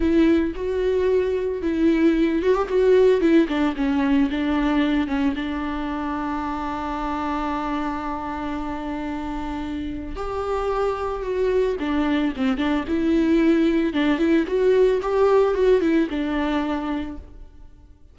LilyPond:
\new Staff \with { instrumentName = "viola" } { \time 4/4 \tempo 4 = 112 e'4 fis'2 e'4~ | e'8 fis'16 g'16 fis'4 e'8 d'8 cis'4 | d'4. cis'8 d'2~ | d'1~ |
d'2. g'4~ | g'4 fis'4 d'4 c'8 d'8 | e'2 d'8 e'8 fis'4 | g'4 fis'8 e'8 d'2 | }